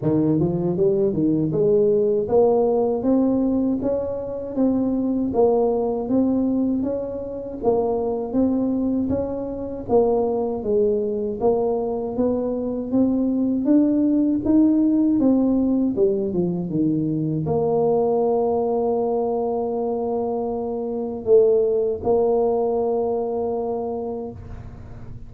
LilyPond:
\new Staff \with { instrumentName = "tuba" } { \time 4/4 \tempo 4 = 79 dis8 f8 g8 dis8 gis4 ais4 | c'4 cis'4 c'4 ais4 | c'4 cis'4 ais4 c'4 | cis'4 ais4 gis4 ais4 |
b4 c'4 d'4 dis'4 | c'4 g8 f8 dis4 ais4~ | ais1 | a4 ais2. | }